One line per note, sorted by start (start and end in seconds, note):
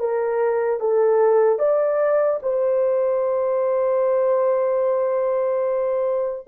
0.00 0.80 A#4
0.80 1.59 A4
1.59 2.40 D5
2.43 6.48 C5